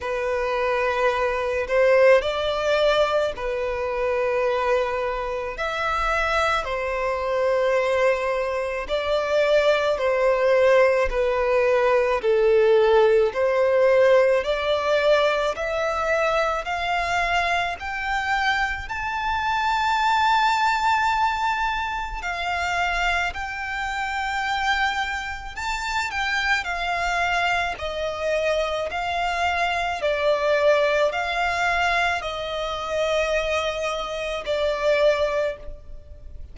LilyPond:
\new Staff \with { instrumentName = "violin" } { \time 4/4 \tempo 4 = 54 b'4. c''8 d''4 b'4~ | b'4 e''4 c''2 | d''4 c''4 b'4 a'4 | c''4 d''4 e''4 f''4 |
g''4 a''2. | f''4 g''2 a''8 g''8 | f''4 dis''4 f''4 d''4 | f''4 dis''2 d''4 | }